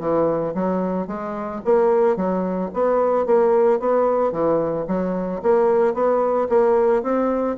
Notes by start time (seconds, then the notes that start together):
0.00 E3
0.55 F#3
1.07 G#3
1.65 A#3
2.16 F#3
2.74 B3
3.26 A#3
3.80 B3
4.32 E3
4.88 F#3
5.43 A#3
5.94 B3
6.50 A#3
7.03 C4